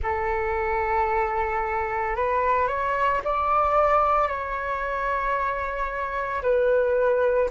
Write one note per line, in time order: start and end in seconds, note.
0.02 2.15 A4
2.15 2.67 B4
2.67 3.21 C#5
3.24 4.28 D5
4.28 6.42 C#5
6.42 7.50 B4